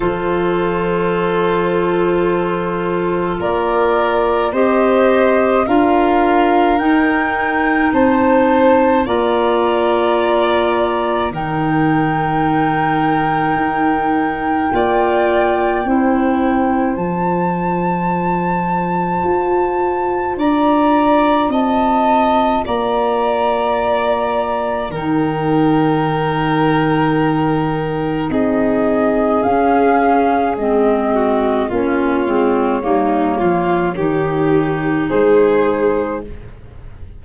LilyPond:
<<
  \new Staff \with { instrumentName = "flute" } { \time 4/4 \tempo 4 = 53 c''2. d''4 | dis''4 f''4 g''4 a''4 | ais''2 g''2~ | g''2. a''4~ |
a''2 ais''4 a''4 | ais''2 g''2~ | g''4 dis''4 f''4 dis''4 | cis''2. c''4 | }
  \new Staff \with { instrumentName = "violin" } { \time 4/4 a'2. ais'4 | c''4 ais'2 c''4 | d''2 ais'2~ | ais'4 d''4 c''2~ |
c''2 d''4 dis''4 | d''2 ais'2~ | ais'4 gis'2~ gis'8 fis'8 | f'4 dis'8 f'8 g'4 gis'4 | }
  \new Staff \with { instrumentName = "clarinet" } { \time 4/4 f'1 | g'4 f'4 dis'2 | f'2 dis'2~ | dis'4 f'4 e'4 f'4~ |
f'1~ | f'2 dis'2~ | dis'2 cis'4 c'4 | cis'8 c'8 ais4 dis'2 | }
  \new Staff \with { instrumentName = "tuba" } { \time 4/4 f2. ais4 | c'4 d'4 dis'4 c'4 | ais2 dis2 | dis'4 ais4 c'4 f4~ |
f4 f'4 d'4 c'4 | ais2 dis2~ | dis4 c'4 cis'4 gis4 | ais8 gis8 g8 f8 dis4 gis4 | }
>>